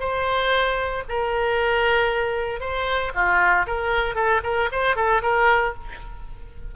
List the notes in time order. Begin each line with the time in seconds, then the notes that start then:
0.00 C5
1.09 A#4
2.61 C5
3.15 F4
3.67 A#4
4.15 A4
4.44 A#4
4.72 C5
4.96 A4
5.22 A#4